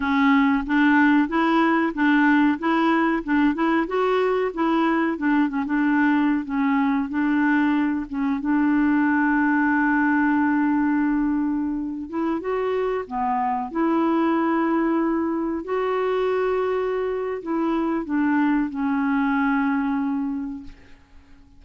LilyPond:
\new Staff \with { instrumentName = "clarinet" } { \time 4/4 \tempo 4 = 93 cis'4 d'4 e'4 d'4 | e'4 d'8 e'8 fis'4 e'4 | d'8 cis'16 d'4~ d'16 cis'4 d'4~ | d'8 cis'8 d'2.~ |
d'2~ d'8. e'8 fis'8.~ | fis'16 b4 e'2~ e'8.~ | e'16 fis'2~ fis'8. e'4 | d'4 cis'2. | }